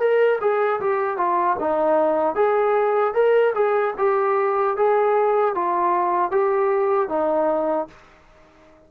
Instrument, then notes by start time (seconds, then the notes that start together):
trombone
0.00 A#4
0.41 G#4
0.81 G4
1.17 F4
1.60 D#4
2.35 G#4
3.14 A#4
3.55 G#4
3.98 G4
4.77 G#4
5.55 F4
6.31 G4
7.09 D#4